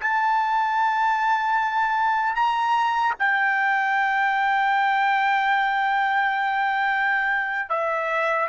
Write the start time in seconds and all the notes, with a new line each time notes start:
0.00 A5
2.35 A#5
3.19 G5
7.69 E5